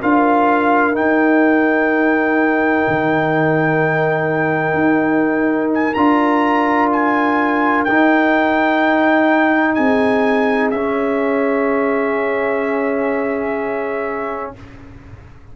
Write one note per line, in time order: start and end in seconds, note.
0.00 0.95 D4
0.00 0.93 F4
0.00 9.75 A#4
0.00 0.95 F5
0.93 5.93 D#4
0.93 2.86 D#4
0.93 5.71 G5
2.87 4.73 D#3
4.73 5.92 D#4
5.74 5.93 G#5
5.93 7.86 D4
5.93 7.87 F4
5.93 6.89 A#5
6.92 7.84 G#5
7.84 9.77 D#4
7.84 10.74 D#4
7.84 9.74 G5
9.74 10.72 C4
9.74 14.51 G#4
9.74 10.69 G#5
10.70 14.53 C#4
10.70 14.56 C#4
10.70 14.51 E5